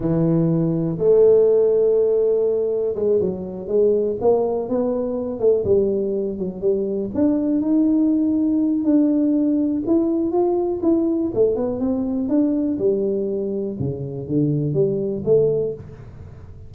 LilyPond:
\new Staff \with { instrumentName = "tuba" } { \time 4/4 \tempo 4 = 122 e2 a2~ | a2 gis8 fis4 gis8~ | gis8 ais4 b4. a8 g8~ | g4 fis8 g4 d'4 dis'8~ |
dis'2 d'2 | e'4 f'4 e'4 a8 b8 | c'4 d'4 g2 | cis4 d4 g4 a4 | }